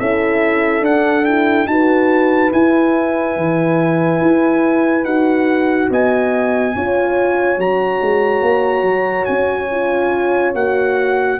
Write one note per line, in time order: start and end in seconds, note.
0.00 0.81 C#4
0.00 0.83 E4
0.00 1.69 A4
0.00 0.85 E5
0.81 1.65 D4
0.81 1.25 D4
0.81 1.25 F#5
1.25 1.68 E4
1.25 1.67 G5
1.67 2.51 D#4
1.67 2.52 F#4
1.67 5.91 B4
1.67 2.52 A5
2.52 5.05 E4
2.52 3.36 E4
2.52 5.05 G#5
3.36 4.21 E3
4.21 5.04 E4
5.04 5.89 D#4
5.04 6.74 F#4
5.04 5.89 F#5
5.90 6.75 B3
5.90 6.75 D#5
5.90 7.60 G#5
6.75 7.58 C#4
6.75 7.58 F4
6.75 11.40 C#5
7.58 8.00 F#3
7.58 9.69 F#4
7.58 9.25 A#5
8.01 8.42 G#3
8.42 8.82 A#3
8.82 9.25 F#3
9.25 10.55 C#4
9.25 10.52 G#5
9.71 10.55 F4
10.55 11.39 A#3
10.55 11.40 F#4
10.55 11.40 F#5